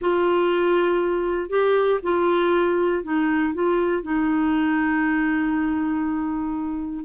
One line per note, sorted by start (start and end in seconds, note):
0.01 1.49 F4
1.49 1.99 G4
2.02 3.03 F4
3.03 3.53 D#4
3.53 4.02 F4
4.02 7.05 D#4